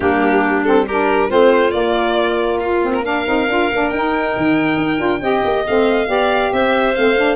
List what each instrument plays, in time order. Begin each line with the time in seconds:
0.00 tuba G3, saxophone A#3, clarinet D4, violin G4
0.64 saxophone C4, violin A4
0.86 saxophone D4, clarinet G4, violin A#4
1.28 tuba A3, saxophone C4, clarinet F4, violin C5
1.71 saxophone A#3, tuba A#3, violin D5
2.59 violin F4
2.82 saxophone C4
2.94 violin A#4
3.04 saxophone D4, clarinet A#4, violin F5
3.25 tuba C4, saxophone D#4
3.48 tuba D4, saxophone F4
3.71 tuba A#3, saxophone D4
3.89 tuba D#4, saxophone D#4, violin G5
4.36 tuba D#3
4.77 tuba D#4
4.97 tuba D4, saxophone F4
5.21 tuba C4, saxophone G4, clarinet D#5
5.44 tuba A#3
5.66 tuba A3, saxophone C4, violin F5
6.07 tuba B3, saxophone G4, clarinet D5
6.52 tuba C4, clarinet C5, violin E5
6.94 tuba A3, saxophone C4, violin F5
7.16 saxophone D4